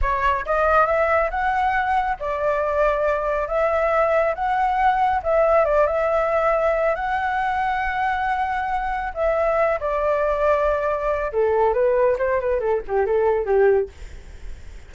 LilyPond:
\new Staff \with { instrumentName = "flute" } { \time 4/4 \tempo 4 = 138 cis''4 dis''4 e''4 fis''4~ | fis''4 d''2. | e''2 fis''2 | e''4 d''8 e''2~ e''8 |
fis''1~ | fis''4 e''4. d''4.~ | d''2 a'4 b'4 | c''8 b'8 a'8 g'8 a'4 g'4 | }